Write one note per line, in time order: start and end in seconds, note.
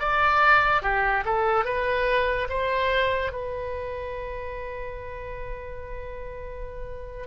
0.00 0.83 D5
0.83 1.24 G4
1.25 1.65 A4
1.65 2.48 B4
2.50 3.33 C5
3.33 7.28 B4